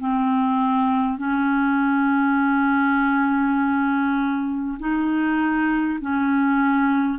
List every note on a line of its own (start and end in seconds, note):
0.00 1.19 C4
1.19 4.79 C#4
4.80 6.00 D#4
6.02 7.19 C#4